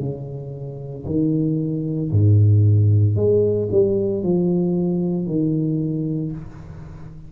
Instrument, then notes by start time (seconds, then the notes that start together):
tuba
0.00 C#3
1.06 D#3
2.11 G#2
3.16 G#3
3.72 G3
4.23 F3
5.27 D#3